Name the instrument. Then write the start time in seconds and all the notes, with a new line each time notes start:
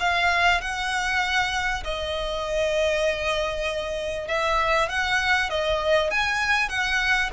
violin
0.00 F5
0.61 F#5
1.84 D#5
4.28 E5
4.90 F#5
5.50 D#5
6.11 G#5
6.69 F#5